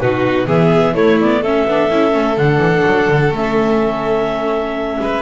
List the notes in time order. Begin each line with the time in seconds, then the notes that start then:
0.00 B2 D#4 F#4 B4
0.47 E3 B3 G#4 E5
0.95 A3 E4 C#5
1.21 B3 D5
1.42 C#4 A4 E5
1.66 B3 D4
1.90 C#4 E4
2.12 A3 C#4
2.37 D3 D4 F#5
2.58 E3
2.86 F#3
3.09 D3
3.32 A3 C#4 E5
5.00 G#3 B4